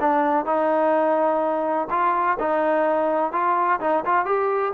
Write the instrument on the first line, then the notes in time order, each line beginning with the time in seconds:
trombone
0.00 D4
0.45 D#4
1.90 F4
2.39 D#4
3.32 F4
3.80 D#4
4.05 F4
4.25 G4